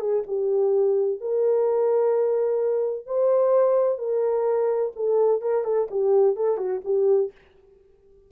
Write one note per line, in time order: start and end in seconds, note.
0.00 0.23 G#4
0.27 1.21 G4
1.21 3.06 A#4
3.06 3.98 C5
3.98 4.92 A#4
4.96 5.42 A4
5.42 5.65 A#4
5.65 5.88 A4
5.91 6.36 G4
6.36 6.58 A4
6.58 6.81 F#4
6.85 7.32 G4